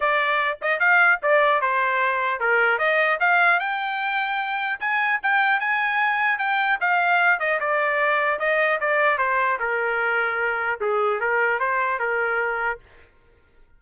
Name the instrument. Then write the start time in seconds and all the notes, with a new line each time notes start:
trumpet
0.00 D5
0.61 D#5
0.79 F5
1.22 D5
1.61 C5
2.39 A#4
2.78 D#5
3.20 F5
3.59 G5
4.80 G#5
5.22 G5
5.59 G#5
6.38 G5
6.80 F5
7.39 D#5
7.60 D5
8.39 D#5
8.80 D5
9.18 C5
9.59 A#4
10.80 G#4
11.20 A#4
11.59 C5
11.99 A#4